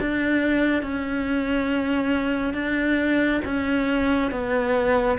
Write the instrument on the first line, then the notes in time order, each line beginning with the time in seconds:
cello
0.00 D4
0.82 C#4
2.54 D4
3.45 C#4
4.31 B3